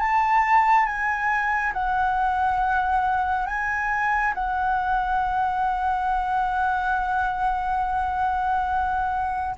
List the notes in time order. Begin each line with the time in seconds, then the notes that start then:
0.00 A5
0.86 G#5
1.73 F#5
3.47 G#5
4.34 F#5